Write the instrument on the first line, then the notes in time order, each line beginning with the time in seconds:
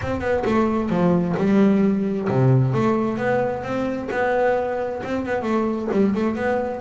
double bass
0.01 C4
0.20 B3
0.45 A3
0.89 F3
1.37 G3
2.29 C3
2.73 A3
3.17 B3
3.63 C4
4.11 B3
5.03 C4
5.25 B3
5.42 A3
5.91 G3
6.14 A3
6.35 B3